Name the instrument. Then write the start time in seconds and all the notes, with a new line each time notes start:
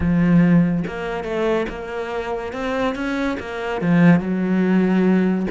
cello
0.00 F3
0.87 A#3
1.24 A3
1.69 A#3
2.52 C4
2.95 C#4
3.39 A#3
3.81 F3
4.20 F#3